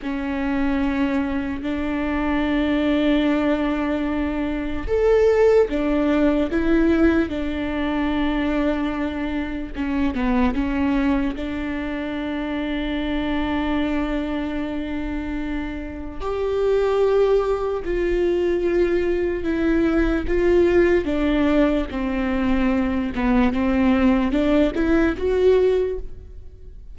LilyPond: \new Staff \with { instrumentName = "viola" } { \time 4/4 \tempo 4 = 74 cis'2 d'2~ | d'2 a'4 d'4 | e'4 d'2. | cis'8 b8 cis'4 d'2~ |
d'1 | g'2 f'2 | e'4 f'4 d'4 c'4~ | c'8 b8 c'4 d'8 e'8 fis'4 | }